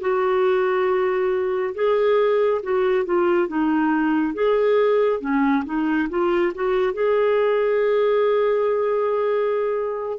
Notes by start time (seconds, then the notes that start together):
0.00 F#4
1.74 G#4
2.62 F#4
3.05 F4
3.47 D#4
4.34 G#4
5.20 C#4
5.64 D#4
6.09 F4
6.54 F#4
6.93 G#4